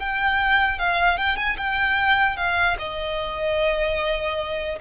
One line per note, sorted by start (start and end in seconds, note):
0.00 0.79 G5
0.79 1.18 F5
1.18 1.37 G5
1.37 1.56 G#5
1.57 2.37 G5
2.37 2.77 F5
2.79 4.79 D#5